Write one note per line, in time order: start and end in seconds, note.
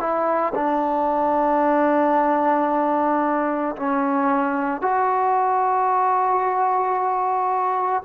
0.00 0.54 E4
0.55 3.76 D4
3.76 4.82 C#4
4.82 8.03 F#4